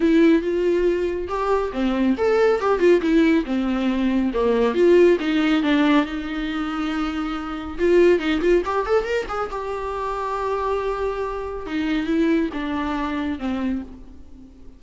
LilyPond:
\new Staff \with { instrumentName = "viola" } { \time 4/4 \tempo 4 = 139 e'4 f'2 g'4 | c'4 a'4 g'8 f'8 e'4 | c'2 ais4 f'4 | dis'4 d'4 dis'2~ |
dis'2 f'4 dis'8 f'8 | g'8 a'8 ais'8 gis'8 g'2~ | g'2. dis'4 | e'4 d'2 c'4 | }